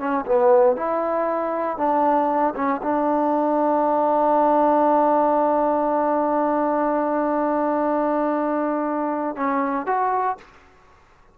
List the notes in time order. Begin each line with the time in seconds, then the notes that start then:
0.00 C#4
0.26 B3
0.77 E4
1.78 D4
2.56 C#4
2.83 D4
9.37 C#4
9.87 F#4